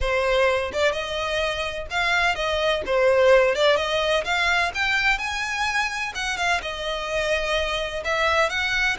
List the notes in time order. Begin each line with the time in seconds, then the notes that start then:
0.00 C5
0.72 D5
0.92 D#5
1.90 F5
2.35 D#5
2.86 C5
3.55 D5
3.76 D#5
4.24 F5
4.74 G5
5.18 G#5
6.14 F#5
6.37 F5
6.62 D#5
8.04 E5
8.49 F#5